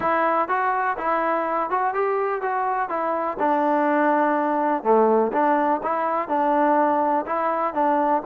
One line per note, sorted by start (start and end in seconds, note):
0.00 0.48 E4
0.48 0.97 F#4
0.97 1.70 E4
1.70 1.94 F#4
1.94 2.41 G4
2.41 2.89 F#4
2.89 3.37 E4
3.39 4.83 D4
4.83 5.31 A3
5.32 5.81 D4
5.83 6.28 E4
6.28 7.25 D4
7.25 7.74 E4
7.74 8.22 D4